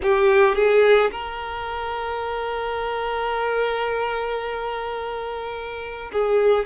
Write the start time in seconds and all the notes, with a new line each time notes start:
0.02 G4
0.55 G#4
1.11 A#4
6.12 G#4